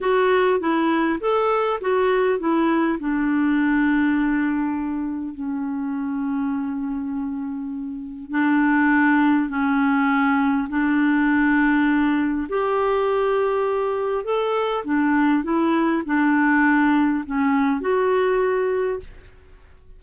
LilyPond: \new Staff \with { instrumentName = "clarinet" } { \time 4/4 \tempo 4 = 101 fis'4 e'4 a'4 fis'4 | e'4 d'2.~ | d'4 cis'2.~ | cis'2 d'2 |
cis'2 d'2~ | d'4 g'2. | a'4 d'4 e'4 d'4~ | d'4 cis'4 fis'2 | }